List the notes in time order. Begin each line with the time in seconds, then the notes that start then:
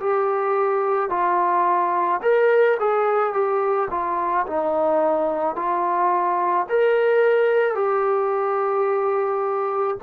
0.00 G4
1.10 F4
2.22 A#4
2.80 G#4
3.33 G4
3.90 F4
4.47 D#4
5.56 F4
6.70 A#4
7.75 G4